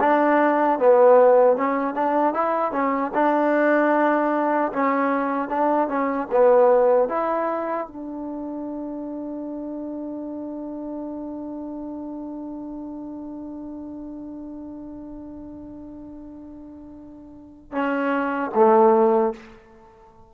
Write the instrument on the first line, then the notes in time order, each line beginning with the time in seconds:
trombone
0.00 D4
0.79 B3
1.57 C#4
1.94 D4
2.34 E4
2.72 C#4
3.14 D4
4.73 C#4
5.49 D4
5.88 C#4
6.31 B3
7.08 E4
7.87 D4
17.72 C#4
18.55 A3